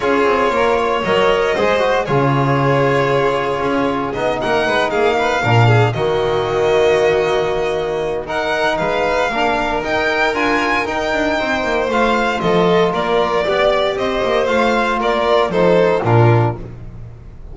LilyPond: <<
  \new Staff \with { instrumentName = "violin" } { \time 4/4 \tempo 4 = 116 cis''2 dis''2 | cis''1 | dis''8 fis''4 f''2 dis''8~ | dis''1 |
fis''4 f''2 g''4 | gis''4 g''2 f''4 | dis''4 d''2 dis''4 | f''4 d''4 c''4 ais'4 | }
  \new Staff \with { instrumentName = "violin" } { \time 4/4 gis'4 ais'8 cis''4. c''4 | gis'1~ | gis'8 ais'8 b'8 gis'8 b'8 ais'8 gis'8 fis'8~ | fis'1 |
ais'4 b'4 ais'2~ | ais'2 c''2 | a'4 ais'4 d''4 c''4~ | c''4 ais'4 a'4 f'4 | }
  \new Staff \with { instrumentName = "trombone" } { \time 4/4 f'2 ais'4 gis'8 fis'8 | f'1 | dis'2~ dis'8 d'4 ais8~ | ais1 |
dis'2 d'4 dis'4 | f'4 dis'2 f'4~ | f'2 g'2 | f'2 dis'4 d'4 | }
  \new Staff \with { instrumentName = "double bass" } { \time 4/4 cis'8 c'8 ais4 fis4 gis4 | cis2. cis'4 | b8 ais8 gis8 ais4 ais,4 dis8~ | dis1~ |
dis4 gis4 ais4 dis'4 | d'4 dis'8 d'8 c'8 ais8 a4 | f4 ais4 b4 c'8 ais8 | a4 ais4 f4 ais,4 | }
>>